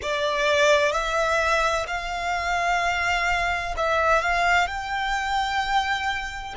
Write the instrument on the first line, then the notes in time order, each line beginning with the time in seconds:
violin
0.02 D5
0.92 E5
1.87 F5
3.76 E5
4.21 F5
4.67 G5